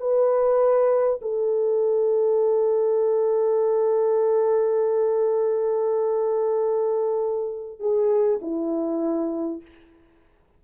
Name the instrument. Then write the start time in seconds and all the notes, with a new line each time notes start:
horn
0.00 B4
1.22 A4
7.80 G#4
8.42 E4